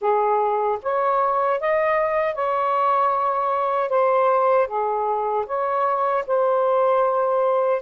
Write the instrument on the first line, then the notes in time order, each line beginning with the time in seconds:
saxophone
0.01 G#4
0.82 C#5
1.60 D#5
2.34 C#5
3.89 C5
4.67 G#4
5.46 C#5
6.27 C5